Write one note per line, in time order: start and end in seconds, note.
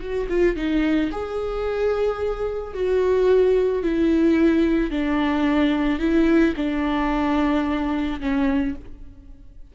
0.00 0.27 F#4
0.29 0.56 F4
0.56 1.11 D#4
1.12 2.74 G#4
2.74 3.83 F#4
3.83 4.91 E4
4.91 6.00 D4
6.00 6.54 E4
6.56 8.20 D4
8.20 8.75 C#4